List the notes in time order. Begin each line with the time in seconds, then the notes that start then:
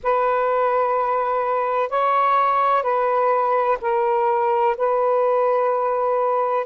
0.03 B4
1.89 C#5
2.83 B4
3.81 A#4
4.77 B4